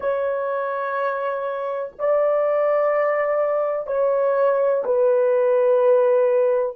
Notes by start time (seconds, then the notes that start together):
0.00 C#5
1.98 D5
3.87 C#5
4.84 B4